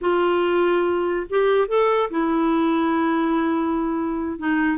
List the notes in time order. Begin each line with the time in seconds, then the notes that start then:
0.01 F4
1.29 G4
1.67 A4
2.10 E4
4.38 D#4